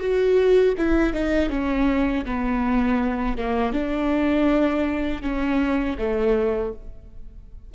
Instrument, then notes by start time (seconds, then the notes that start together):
viola
0.00 F#4
0.78 E4
1.14 D#4
1.50 C#4
2.25 B3
3.38 A#3
3.73 D4
5.22 C#4
5.98 A3